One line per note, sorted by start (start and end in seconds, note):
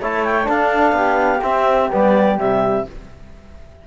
0.00 0.48 A3
0.00 0.44 E4
0.00 0.48 C#5
0.00 0.24 A5
0.24 0.48 G5
0.44 1.39 D4
0.44 0.92 D4
0.44 0.96 A4
0.44 1.42 F5
0.92 1.39 B3
0.92 2.87 G4
1.42 1.90 C4
1.42 1.91 C4
1.42 1.90 E5
1.91 2.38 G3
1.91 2.36 B3
1.91 2.39 D5
2.36 2.86 C3
2.36 2.84 G3
2.36 2.87 E5